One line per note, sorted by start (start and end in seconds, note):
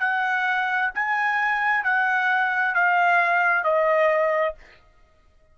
0.00 0.91 F#5
0.95 1.84 G#5
1.84 2.75 F#5
2.75 3.64 F5
3.64 4.55 D#5